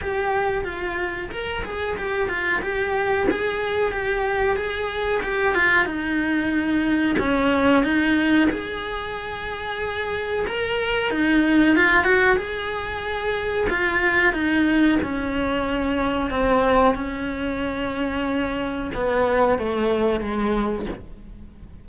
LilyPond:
\new Staff \with { instrumentName = "cello" } { \time 4/4 \tempo 4 = 92 g'4 f'4 ais'8 gis'8 g'8 f'8 | g'4 gis'4 g'4 gis'4 | g'8 f'8 dis'2 cis'4 | dis'4 gis'2. |
ais'4 dis'4 f'8 fis'8 gis'4~ | gis'4 f'4 dis'4 cis'4~ | cis'4 c'4 cis'2~ | cis'4 b4 a4 gis4 | }